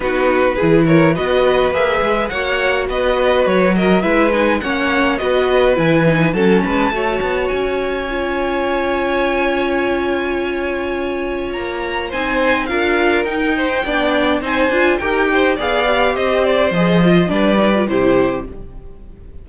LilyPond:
<<
  \new Staff \with { instrumentName = "violin" } { \time 4/4 \tempo 4 = 104 b'4. cis''8 dis''4 e''4 | fis''4 dis''4 cis''8 dis''8 e''8 gis''8 | fis''4 dis''4 gis''4 a''4~ | a''4 gis''2.~ |
gis''1 | ais''4 gis''4 f''4 g''4~ | g''4 gis''4 g''4 f''4 | dis''8 d''8 dis''4 d''4 c''4 | }
  \new Staff \with { instrumentName = "violin" } { \time 4/4 fis'4 gis'8 ais'8 b'2 | cis''4 b'4. ais'8 b'4 | cis''4 b'2 a'8 b'8 | cis''1~ |
cis''1~ | cis''4 c''4 ais'4. c''8 | d''4 c''4 ais'8 c''8 d''4 | c''2 b'4 g'4 | }
  \new Staff \with { instrumentName = "viola" } { \time 4/4 dis'4 e'4 fis'4 gis'4 | fis'2. e'8 dis'8 | cis'4 fis'4 e'8 dis'8 cis'4 | fis'2 f'2~ |
f'1~ | f'4 dis'4 f'4 dis'4 | d'4 dis'8 f'8 g'4 gis'8 g'8~ | g'4 gis'8 f'8 d'8 dis'16 f'16 e'4 | }
  \new Staff \with { instrumentName = "cello" } { \time 4/4 b4 e4 b4 ais8 gis8 | ais4 b4 fis4 gis4 | ais4 b4 e4 fis8 gis8 | a8 b8 cis'2.~ |
cis'1 | ais4 c'4 d'4 dis'4 | b4 c'8 d'8 dis'4 b4 | c'4 f4 g4 c4 | }
>>